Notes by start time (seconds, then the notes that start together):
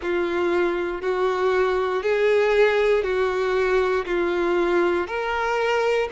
0.02 F4
1.01 F#4
2.02 G#4
3.03 F#4
4.05 F4
5.07 A#4